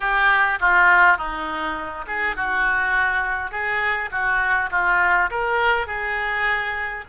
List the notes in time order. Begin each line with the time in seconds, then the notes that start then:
0.00 G4
0.60 F4
1.17 D#4
2.07 G#4
2.36 F#4
3.51 G#4
4.11 F#4
4.71 F4
5.30 A#4
5.86 G#4